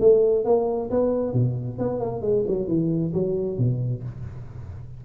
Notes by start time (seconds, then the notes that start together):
0.00 A3
0.45 A#3
0.90 B3
1.33 B2
1.78 B3
2.00 A#3
2.21 G#3
2.47 F#3
2.67 E3
3.13 F#3
3.58 B2